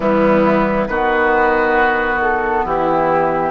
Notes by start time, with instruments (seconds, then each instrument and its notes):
0.00 bassoon E3, clarinet G3, oboe B3, flute E4
0.87 bassoon D#3, clarinet B3, oboe F#4, flute B4
2.21 flute A4
2.64 bassoon E3, oboe E4, flute G4